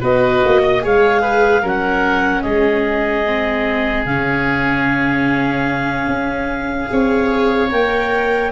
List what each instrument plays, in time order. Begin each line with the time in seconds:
0.00 tuba B3, viola F#4, oboe B4, clarinet D#5
0.45 tuba A#3
0.62 oboe D#5
0.81 tuba G#3, viola G#4, oboe C#5, clarinet F5
1.21 oboe B4
1.61 tuba F#3, viola C#4, oboe A#4, clarinet F#5
2.42 tuba G#3, oboe G#4, clarinet D#5
3.26 viola C4
4.05 tuba C#3, viola C#4, clarinet F5
6.08 tuba C#4
6.87 tuba C4, viola G#4, oboe C#5
7.71 tuba A#3, viola A#4, clarinet G5